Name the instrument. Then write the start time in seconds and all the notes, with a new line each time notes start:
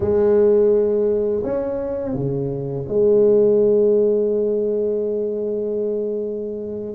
tuba
0.00 G#3
1.43 C#4
2.14 C#3
2.88 G#3